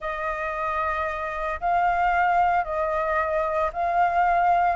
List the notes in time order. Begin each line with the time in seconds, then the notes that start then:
0.00 D#5
1.60 F5
2.64 D#5
3.72 F5